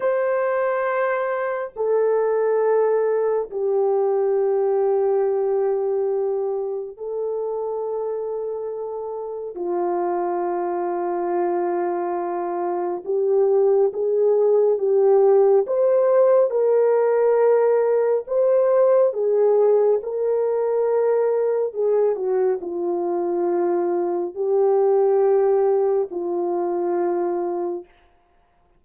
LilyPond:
\new Staff \with { instrumentName = "horn" } { \time 4/4 \tempo 4 = 69 c''2 a'2 | g'1 | a'2. f'4~ | f'2. g'4 |
gis'4 g'4 c''4 ais'4~ | ais'4 c''4 gis'4 ais'4~ | ais'4 gis'8 fis'8 f'2 | g'2 f'2 | }